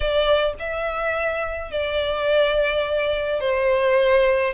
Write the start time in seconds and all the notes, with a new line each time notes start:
0.00 D5
0.59 E5
1.71 D5
3.40 C5